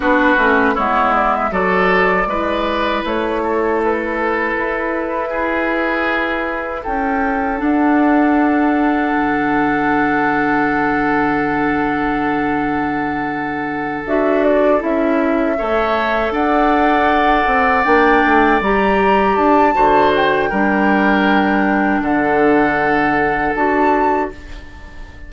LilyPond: <<
  \new Staff \with { instrumentName = "flute" } { \time 4/4 \tempo 4 = 79 b'4 cis''8 d''16 e''16 d''2 | cis''4 b'2.~ | b'4 g''4 fis''2~ | fis''1~ |
fis''2~ fis''8 e''8 d''8 e''8~ | e''4. fis''2 g''8~ | g''8 ais''4 a''4 g''4.~ | g''4 fis''2 a''4 | }
  \new Staff \with { instrumentName = "oboe" } { \time 4/4 fis'4 e'4 a'4 b'4~ | b'8 a'2~ a'8 gis'4~ | gis'4 a'2.~ | a'1~ |
a'1~ | a'8 cis''4 d''2~ d''8~ | d''2 c''4 ais'4~ | ais'4 a'2. | }
  \new Staff \with { instrumentName = "clarinet" } { \time 4/4 d'8 cis'8 b4 fis'4 e'4~ | e'1~ | e'2 d'2~ | d'1~ |
d'2~ d'8 fis'4 e'8~ | e'8 a'2. d'8~ | d'8 g'4. fis'4 d'4~ | d'2. fis'4 | }
  \new Staff \with { instrumentName = "bassoon" } { \time 4/4 b8 a8 gis4 fis4 gis4 | a2 e'2~ | e'4 cis'4 d'2 | d1~ |
d2~ d8 d'4 cis'8~ | cis'8 a4 d'4. c'8 ais8 | a8 g4 d'8 d4 g4~ | g4 d2 d'4 | }
>>